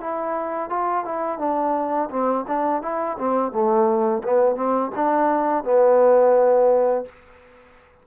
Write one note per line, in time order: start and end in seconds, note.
0.00 0.70 E4
0.70 1.05 F4
1.05 1.39 E4
1.39 2.09 D4
2.10 2.45 C4
2.48 2.82 D4
2.82 3.17 E4
3.18 3.52 C4
3.52 4.23 A3
4.24 4.56 B3
4.56 4.91 C4
4.95 5.64 D4
5.64 7.05 B3